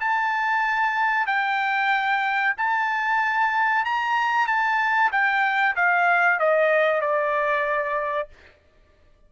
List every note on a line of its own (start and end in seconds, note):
0.00 1.26 A5
1.26 2.54 G5
2.57 3.85 A5
3.85 4.47 A#5
4.47 5.11 A5
5.12 5.75 G5
5.76 6.39 F5
6.39 7.01 D#5
7.01 8.28 D5